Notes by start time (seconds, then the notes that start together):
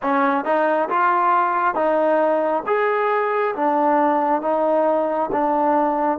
0.02 C#4
0.44 D#4
0.89 F4
1.74 D#4
2.66 G#4
3.55 D4
4.41 D#4
5.32 D4